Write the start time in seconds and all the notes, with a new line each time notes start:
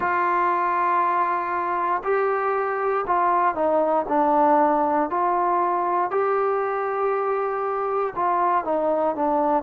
0.00 F4
2.03 G4
3.06 F4
3.55 D#4
4.08 D4
5.09 F4
6.10 G4
8.15 F4
8.64 D#4
9.15 D4